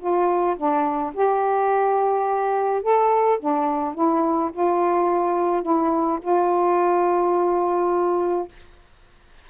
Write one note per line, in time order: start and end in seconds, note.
0.00 0.57 F4
0.57 1.14 D4
1.14 2.83 G4
2.83 3.39 A4
3.40 3.95 D4
3.95 4.51 E4
4.53 5.63 F4
5.63 6.20 E4
6.22 8.49 F4